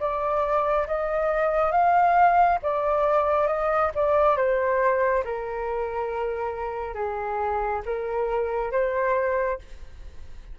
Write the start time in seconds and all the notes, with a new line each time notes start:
0.00 D5
0.87 D#5
1.72 F5
2.62 D5
3.47 D#5
3.94 D5
4.37 C5
5.25 A#4
6.94 G#4
7.85 A#4
8.72 C5